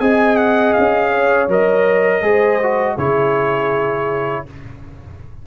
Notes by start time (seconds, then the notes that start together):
0.00 C4 G#4 D#5 G#5
0.36 F#5
0.73 C#4 F5
1.11 C#5
1.48 F#3 A#4 D#5
2.22 G#3 G#4 C5
2.62 F#4
2.94 C#3 E4 G#4 C#5